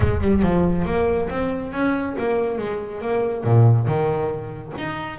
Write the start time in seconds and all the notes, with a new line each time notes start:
0.00 G#3
0.20 G3
0.42 F3
0.85 A#3
1.29 C4
1.72 C#4
2.18 A#3
2.58 G#3
3.01 A#3
3.44 A#2
3.86 D#3
4.77 D#4